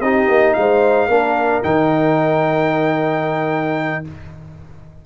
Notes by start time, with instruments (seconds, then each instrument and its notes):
0.00 tuba C4, trombone D#4, horn G4, trumpet D#5
0.28 tuba A#3
0.53 tuba G#3, horn C5, trumpet F5
1.08 tuba A#3, trombone D4, horn A#4
1.63 tuba D#3, trombone D#4, trumpet G5